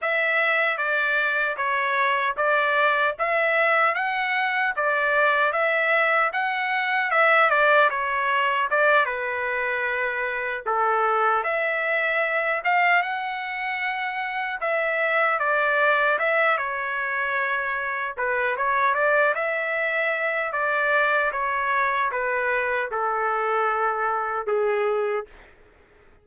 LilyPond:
\new Staff \with { instrumentName = "trumpet" } { \time 4/4 \tempo 4 = 76 e''4 d''4 cis''4 d''4 | e''4 fis''4 d''4 e''4 | fis''4 e''8 d''8 cis''4 d''8 b'8~ | b'4. a'4 e''4. |
f''8 fis''2 e''4 d''8~ | d''8 e''8 cis''2 b'8 cis''8 | d''8 e''4. d''4 cis''4 | b'4 a'2 gis'4 | }